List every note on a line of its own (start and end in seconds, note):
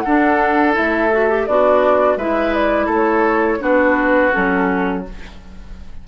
0.00 0.77 D4
0.00 1.47 A4
0.00 0.71 F#5
0.06 0.73 D4
0.73 1.47 A3
0.73 1.09 E4
0.73 1.46 E5
1.12 1.30 F#4
1.30 1.47 G4
1.46 2.16 B3
1.46 2.18 D4
1.46 2.19 F#4
1.46 2.17 D5
2.16 2.87 G#3
2.16 3.59 E4
2.16 2.86 B4
2.16 2.53 E5
2.53 2.89 D5
2.86 3.58 A3
2.86 3.57 A4
2.94 3.63 C#5
3.59 4.32 B3
3.59 4.31 D4
3.59 5.05 F#4
3.59 4.33 B4
4.32 5.07 F#3
4.32 5.03 C#4
4.32 5.05 A4